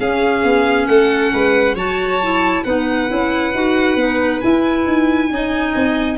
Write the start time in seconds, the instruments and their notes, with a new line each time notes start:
0.00 tuba C#4, clarinet C#4, violin G#4 F5
0.44 tuba B3
0.87 tuba A3, violin A4 F#5
1.33 tuba G#3, violin B4
1.74 tuba F#3, clarinet F#4, violin C#5 A5
2.22 clarinet E4
2.63 tuba B3, clarinet D#4, violin B4 F#5
3.08 tuba C#4, clarinet E4
3.53 tuba D#4, clarinet F#4
3.96 tuba B3, clarinet D#4
4.41 clarinet E4, tuba E4, violin G#5
4.86 tuba D#4
5.30 tuba C#4, clarinet D#4, violin D#5
5.75 tuba C4